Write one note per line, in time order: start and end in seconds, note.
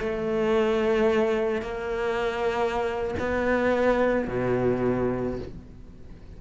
0.00 1.62 A3
1.62 3.15 A#3
3.19 4.28 B3
4.28 5.39 B2